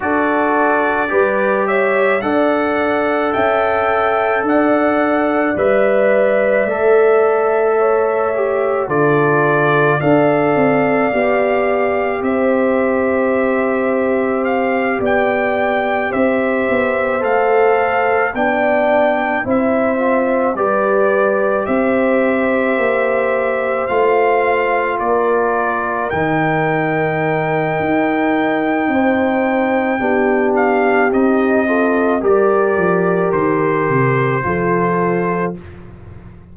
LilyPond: <<
  \new Staff \with { instrumentName = "trumpet" } { \time 4/4 \tempo 4 = 54 d''4. e''8 fis''4 g''4 | fis''4 e''2. | d''4 f''2 e''4~ | e''4 f''8 g''4 e''4 f''8~ |
f''8 g''4 e''4 d''4 e''8~ | e''4. f''4 d''4 g''8~ | g''2.~ g''8 f''8 | dis''4 d''4 c''2 | }
  \new Staff \with { instrumentName = "horn" } { \time 4/4 a'4 b'8 cis''8 d''4 e''4 | d''2. cis''4 | a'4 d''2 c''4~ | c''4. d''4 c''4.~ |
c''8 d''4 c''4 b'4 c''8~ | c''2~ c''8 ais'4.~ | ais'2 c''4 g'4~ | g'8 a'8 ais'2 a'4 | }
  \new Staff \with { instrumentName = "trombone" } { \time 4/4 fis'4 g'4 a'2~ | a'4 b'4 a'4. g'8 | f'4 a'4 g'2~ | g'2.~ g'8 a'8~ |
a'8 d'4 e'8 f'8 g'4.~ | g'4. f'2 dis'8~ | dis'2. d'4 | dis'8 f'8 g'2 f'4 | }
  \new Staff \with { instrumentName = "tuba" } { \time 4/4 d'4 g4 d'4 cis'4 | d'4 g4 a2 | d4 d'8 c'8 b4 c'4~ | c'4. b4 c'8 b8 a8~ |
a8 b4 c'4 g4 c'8~ | c'8 ais4 a4 ais4 dis8~ | dis4 dis'4 c'4 b4 | c'4 g8 f8 dis8 c8 f4 | }
>>